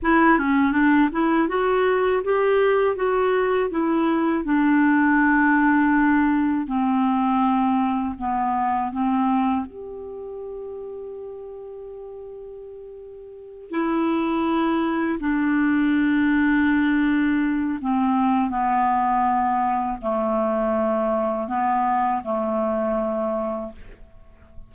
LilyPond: \new Staff \with { instrumentName = "clarinet" } { \time 4/4 \tempo 4 = 81 e'8 cis'8 d'8 e'8 fis'4 g'4 | fis'4 e'4 d'2~ | d'4 c'2 b4 | c'4 g'2.~ |
g'2~ g'8 e'4.~ | e'8 d'2.~ d'8 | c'4 b2 a4~ | a4 b4 a2 | }